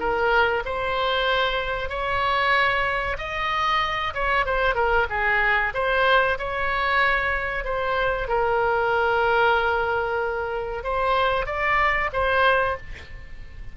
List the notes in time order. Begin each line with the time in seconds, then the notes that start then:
0.00 A#4
0.66 C5
1.90 C#5
3.18 D#5
4.15 C#5
4.46 C5
4.76 A#4
5.10 G#4
5.75 C5
6.39 C#5
7.65 C5
8.29 A#4
10.84 C5
11.47 D5
12.13 C5